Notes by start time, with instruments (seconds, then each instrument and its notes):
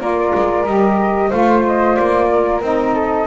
0.00 double bass A#3, saxophone F4, flute A#4 D5
0.35 double bass G#3
0.66 double bass G3, saxophone G4, flute D#5
1.30 double bass A3, saxophone F4, flute C5 F5
1.66 flute D#5
1.96 double bass A#3, flute D5
2.32 flute A#4
2.61 double bass C4, saxophone D#4, flute D#5
2.94 flute A4